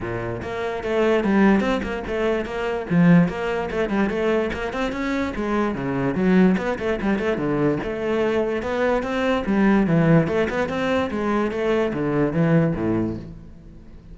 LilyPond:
\new Staff \with { instrumentName = "cello" } { \time 4/4 \tempo 4 = 146 ais,4 ais4 a4 g4 | c'8 ais8 a4 ais4 f4 | ais4 a8 g8 a4 ais8 c'8 | cis'4 gis4 cis4 fis4 |
b8 a8 g8 a8 d4 a4~ | a4 b4 c'4 g4 | e4 a8 b8 c'4 gis4 | a4 d4 e4 a,4 | }